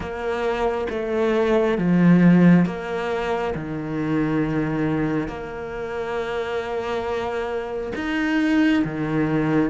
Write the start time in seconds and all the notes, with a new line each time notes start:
0.00 A#3
0.89 A3
1.78 F3
2.65 A#3
3.55 D#3
5.27 A#3
7.95 D#4
8.84 D#3